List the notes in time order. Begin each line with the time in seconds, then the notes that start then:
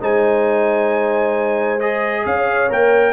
0.00 G#3 D#4 C5 G#5
1.80 G#4 D#5
2.25 C#4 C#5 F5
2.69 A#3 A#4 G5